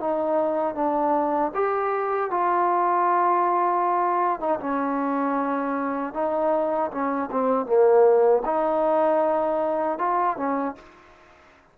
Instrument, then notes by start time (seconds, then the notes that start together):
trombone
0.00 D#4
0.75 D4
1.55 G4
2.31 F4
4.40 D#4
4.60 C#4
6.14 D#4
6.92 C#4
7.32 C4
7.66 A#3
8.45 D#4
9.99 F4
10.37 C#4